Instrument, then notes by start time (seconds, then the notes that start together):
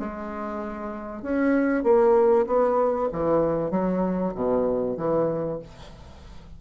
bassoon
0.00 G#3
1.23 C#4
1.84 A#3
2.47 B3
3.13 E3
3.71 F#3
4.35 B2
4.97 E3